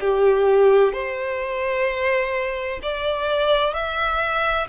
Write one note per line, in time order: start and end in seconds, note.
0.00 0.92 G4
0.92 2.80 C5
2.83 3.73 D5
3.73 4.67 E5